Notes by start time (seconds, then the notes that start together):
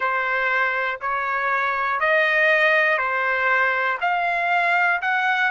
0.00 C5
1.00 C#5
2.00 D#5
2.98 C5
4.00 F5
5.01 F#5